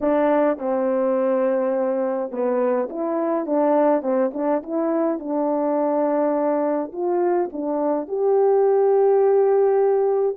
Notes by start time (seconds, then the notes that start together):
0.00 D4
0.58 C4
2.31 B3
2.89 E4
3.45 D4
4.02 C4
4.33 D4
4.62 E4
5.19 D4
6.92 F4
7.52 D4
8.08 G4